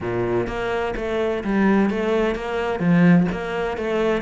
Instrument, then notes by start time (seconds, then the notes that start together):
cello
0.01 A#2
0.47 A#3
0.96 A3
1.44 G3
1.89 A3
2.35 A#3
2.79 F3
3.31 A#3
3.77 A3